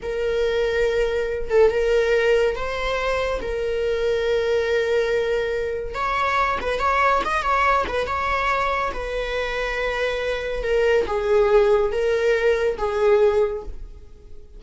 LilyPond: \new Staff \with { instrumentName = "viola" } { \time 4/4 \tempo 4 = 141 ais'2.~ ais'8 a'8 | ais'2 c''2 | ais'1~ | ais'2 cis''4. b'8 |
cis''4 dis''8 cis''4 b'8 cis''4~ | cis''4 b'2.~ | b'4 ais'4 gis'2 | ais'2 gis'2 | }